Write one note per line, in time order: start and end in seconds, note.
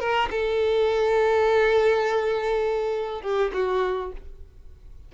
0.00 0.29 A#4
0.31 3.22 A4
3.22 3.52 G4
3.53 4.12 F#4